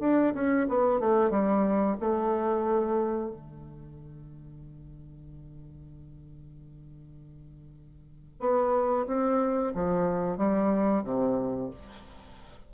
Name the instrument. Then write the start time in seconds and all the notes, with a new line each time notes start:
bassoon
0.00 D4
0.34 C#4
0.69 B3
1.00 A3
1.30 G3
2.00 A3
3.31 D3
8.40 B3
9.07 C4
9.75 F3
10.37 G3
11.03 C3